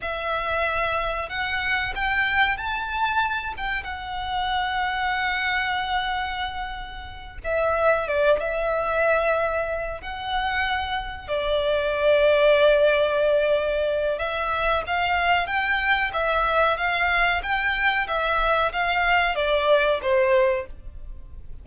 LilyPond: \new Staff \with { instrumentName = "violin" } { \time 4/4 \tempo 4 = 93 e''2 fis''4 g''4 | a''4. g''8 fis''2~ | fis''2.~ fis''8 e''8~ | e''8 d''8 e''2~ e''8 fis''8~ |
fis''4. d''2~ d''8~ | d''2 e''4 f''4 | g''4 e''4 f''4 g''4 | e''4 f''4 d''4 c''4 | }